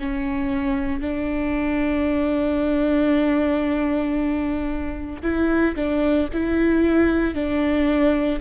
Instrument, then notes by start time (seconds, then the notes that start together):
viola
0.00 C#4
1.01 D4
5.23 E4
5.76 D4
6.33 E4
7.34 D4